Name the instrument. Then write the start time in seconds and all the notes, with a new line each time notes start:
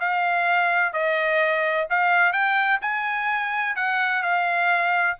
trumpet
0.00 F5
0.93 D#5
1.90 F5
2.33 G5
2.82 G#5
3.76 F#5
4.23 F5